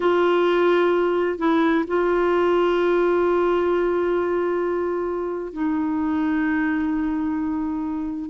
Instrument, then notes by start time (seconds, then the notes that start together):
clarinet
0.00 F4
1.38 E4
1.87 F4
5.53 D#4